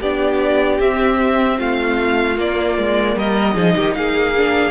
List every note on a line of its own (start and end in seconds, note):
0.00 0.79 B3
0.00 0.80 D4
0.00 1.57 G4
0.00 0.80 D5
0.79 1.58 C4
0.79 2.36 C4
0.79 1.59 E5
1.57 2.38 A3
1.57 3.15 F4
1.57 2.38 F5
2.36 3.54 A#3
2.36 2.77 A#3
2.36 3.18 D5
2.77 3.15 G#3
3.15 3.55 G3
3.15 3.54 A#4
3.15 3.94 D#5
3.54 3.75 F3
3.54 4.33 D#4
3.54 3.74 G#4
3.75 3.95 D#3
3.75 3.95 G4
3.94 4.71 A#3
3.94 4.71 G#4
3.94 4.71 F5
4.36 4.71 D4